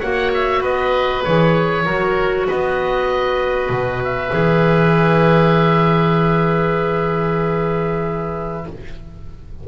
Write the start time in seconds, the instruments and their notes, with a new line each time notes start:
0.00 double bass A#3, clarinet F#4, oboe C#5 F#5
0.34 oboe E5
0.61 double bass B3, oboe B4 D#5
1.24 double bass E3, clarinet G#4, oboe C#5
1.85 double bass F#3, clarinet F#4, oboe A#4
2.49 double bass B3, oboe B4 D#5
3.70 double bass B2
4.04 oboe E5
4.31 double bass E3, clarinet G#4